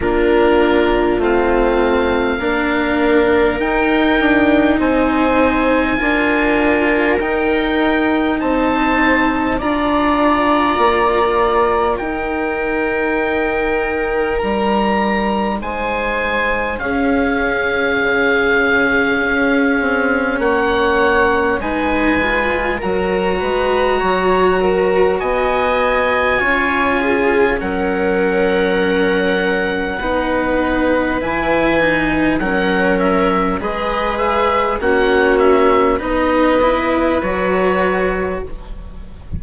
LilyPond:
<<
  \new Staff \with { instrumentName = "oboe" } { \time 4/4 \tempo 4 = 50 ais'4 f''2 g''4 | gis''2 g''4 a''4 | ais''2 g''2 | ais''4 gis''4 f''2~ |
f''4 fis''4 gis''4 ais''4~ | ais''4 gis''2 fis''4~ | fis''2 gis''4 fis''8 e''8 | dis''8 e''8 fis''8 e''8 dis''4 cis''4 | }
  \new Staff \with { instrumentName = "viola" } { \time 4/4 f'2 ais'2 | c''4 ais'2 c''4 | d''2 ais'2~ | ais'4 c''4 gis'2~ |
gis'4 cis''4 b'4 ais'8 b'8 | cis''8 ais'8 dis''4 cis''8 gis'8 ais'4~ | ais'4 b'2 ais'4 | b'4 fis'4 b'2 | }
  \new Staff \with { instrumentName = "cello" } { \time 4/4 d'4 c'4 d'4 dis'4~ | dis'4 f'4 dis'2 | f'2 dis'2~ | dis'2 cis'2~ |
cis'2 dis'8 f'8 fis'4~ | fis'2 f'4 cis'4~ | cis'4 dis'4 e'8 dis'8 cis'4 | gis'4 cis'4 dis'8 e'8 fis'4 | }
  \new Staff \with { instrumentName = "bassoon" } { \time 4/4 ais4 a4 ais4 dis'8 d'8 | c'4 d'4 dis'4 c'4 | d'4 ais4 dis'2 | g4 gis4 cis'4 cis4 |
cis'8 c'8 ais4 gis4 fis8 gis8 | fis4 b4 cis'4 fis4~ | fis4 b4 e4 fis4 | gis4 ais4 b4 fis4 | }
>>